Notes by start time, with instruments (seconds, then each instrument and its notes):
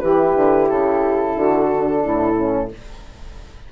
0.00 bassoon E3, horn E4, saxophone G4, flute B4
0.35 bassoon D3
0.69 bassoon C#3, flute A4
1.35 bassoon D3, saxophone F#4
1.72 horn D4
2.01 bassoon A2, saxophone E4
2.36 horn C#4